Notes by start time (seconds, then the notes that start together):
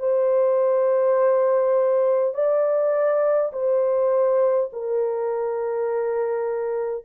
0.00 C5
2.35 D5
3.53 C5
4.73 A#4